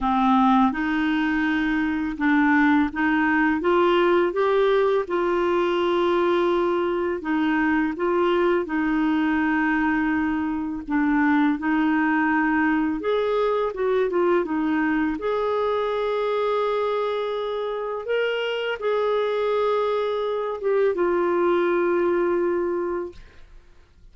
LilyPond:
\new Staff \with { instrumentName = "clarinet" } { \time 4/4 \tempo 4 = 83 c'4 dis'2 d'4 | dis'4 f'4 g'4 f'4~ | f'2 dis'4 f'4 | dis'2. d'4 |
dis'2 gis'4 fis'8 f'8 | dis'4 gis'2.~ | gis'4 ais'4 gis'2~ | gis'8 g'8 f'2. | }